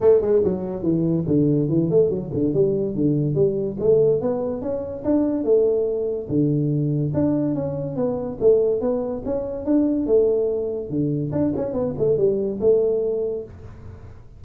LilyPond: \new Staff \with { instrumentName = "tuba" } { \time 4/4 \tempo 4 = 143 a8 gis8 fis4 e4 d4 | e8 a8 fis8 d8 g4 d4 | g4 a4 b4 cis'4 | d'4 a2 d4~ |
d4 d'4 cis'4 b4 | a4 b4 cis'4 d'4 | a2 d4 d'8 cis'8 | b8 a8 g4 a2 | }